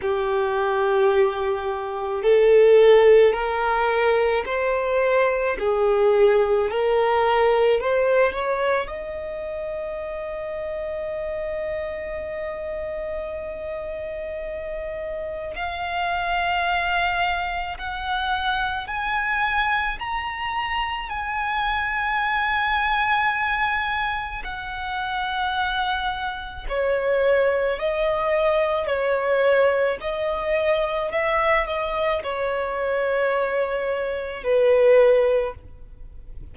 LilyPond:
\new Staff \with { instrumentName = "violin" } { \time 4/4 \tempo 4 = 54 g'2 a'4 ais'4 | c''4 gis'4 ais'4 c''8 cis''8 | dis''1~ | dis''2 f''2 |
fis''4 gis''4 ais''4 gis''4~ | gis''2 fis''2 | cis''4 dis''4 cis''4 dis''4 | e''8 dis''8 cis''2 b'4 | }